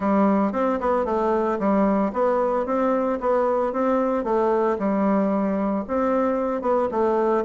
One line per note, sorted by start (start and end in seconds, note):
0.00 0.52 G3
0.52 0.79 C4
0.80 1.05 B3
1.05 1.58 A3
1.59 2.12 G3
2.12 2.65 B3
2.66 3.19 C4
3.20 3.73 B3
3.73 4.24 C4
4.24 4.77 A3
4.78 5.85 G3
5.87 6.61 C4
6.61 6.88 B3
6.91 7.44 A3